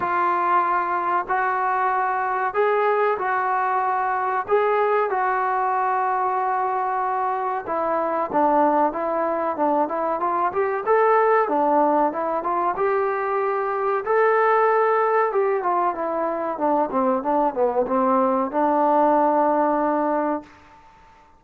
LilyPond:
\new Staff \with { instrumentName = "trombone" } { \time 4/4 \tempo 4 = 94 f'2 fis'2 | gis'4 fis'2 gis'4 | fis'1 | e'4 d'4 e'4 d'8 e'8 |
f'8 g'8 a'4 d'4 e'8 f'8 | g'2 a'2 | g'8 f'8 e'4 d'8 c'8 d'8 b8 | c'4 d'2. | }